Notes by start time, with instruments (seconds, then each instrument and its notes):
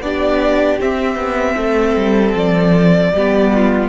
0.00 cello B3, viola D4, violin G4 D5
0.80 viola C4, cello C4, violin E5
1.15 cello B3
1.55 cello A3, violin A4
1.95 cello G3
2.34 cello F3, violin D5
3.12 cello G3, viola B3, violin G4
3.53 violin F4